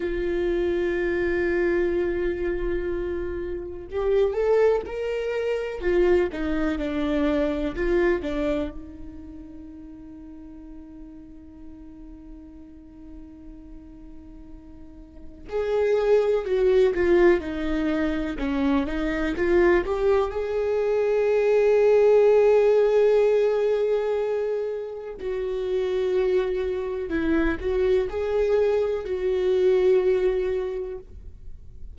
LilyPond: \new Staff \with { instrumentName = "viola" } { \time 4/4 \tempo 4 = 62 f'1 | g'8 a'8 ais'4 f'8 dis'8 d'4 | f'8 d'8 dis'2.~ | dis'1 |
gis'4 fis'8 f'8 dis'4 cis'8 dis'8 | f'8 g'8 gis'2.~ | gis'2 fis'2 | e'8 fis'8 gis'4 fis'2 | }